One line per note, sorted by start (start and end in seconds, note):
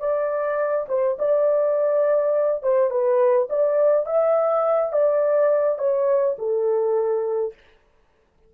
0.00 0.87 D5
0.89 1.17 C5
1.19 2.63 D5
2.63 2.91 C5
2.91 3.49 B4
3.50 4.06 D5
4.06 4.93 E5
4.93 5.79 D5
5.79 6.36 C#5
6.39 7.54 A4